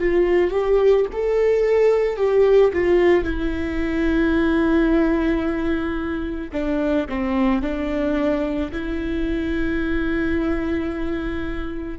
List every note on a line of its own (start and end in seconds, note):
0.00 0.51 F4
0.51 1.06 G4
1.13 2.17 A4
2.17 2.72 G4
2.73 3.24 F4
3.24 6.52 E4
6.53 7.07 D4
7.09 7.62 C4
7.62 8.71 D4
8.72 11.99 E4